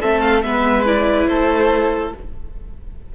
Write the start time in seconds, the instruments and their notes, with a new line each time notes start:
0.00 cello A3, viola C4, violin A4 E5
0.20 violin F5
0.42 cello G#3, viola B3, violin B4 E5
0.86 viola E4, violin D5
1.27 cello A3, violin A4 C5